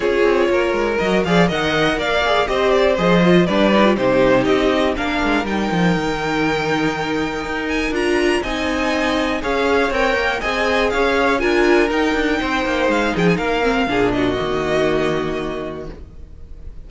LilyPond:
<<
  \new Staff \with { instrumentName = "violin" } { \time 4/4 \tempo 4 = 121 cis''2 dis''8 f''8 fis''4 | f''4 dis''8 d''8 dis''4 d''4 | c''4 dis''4 f''4 g''4~ | g''2.~ g''8 gis''8 |
ais''4 gis''2 f''4 | g''4 gis''4 f''4 gis''4 | g''2 f''8 g''16 gis''16 f''4~ | f''8 dis''2.~ dis''8 | }
  \new Staff \with { instrumentName = "violin" } { \time 4/4 gis'4 ais'4. d''8 dis''4 | d''4 c''2 b'4 | g'2 ais'2~ | ais'1~ |
ais'4 dis''2 cis''4~ | cis''4 dis''4 cis''4 ais'4~ | ais'4 c''4. gis'8 ais'4 | gis'8 fis'2.~ fis'8 | }
  \new Staff \with { instrumentName = "viola" } { \time 4/4 f'2 fis'8 gis'8 ais'4~ | ais'8 gis'8 g'4 gis'8 f'8 d'8 dis'16 f'16 | dis'2 d'4 dis'4~ | dis'1 |
f'4 dis'2 gis'4 | ais'4 gis'2 f'4 | dis'2.~ dis'8 c'8 | d'4 ais2. | }
  \new Staff \with { instrumentName = "cello" } { \time 4/4 cis'8 c'8 ais8 gis8 fis8 f8 dis4 | ais4 c'4 f4 g4 | c4 c'4 ais8 gis8 g8 f8 | dis2. dis'4 |
d'4 c'2 cis'4 | c'8 ais8 c'4 cis'4 d'4 | dis'8 d'8 c'8 ais8 gis8 f8 ais4 | ais,4 dis2. | }
>>